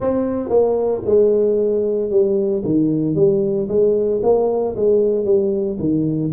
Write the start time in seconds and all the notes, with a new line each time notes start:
0.00 C4
0.49 A#3
1.05 G#3
2.10 G3
2.65 D#3
3.15 G3
3.68 G#3
4.22 A#3
4.76 G#3
5.24 G3
5.79 D#3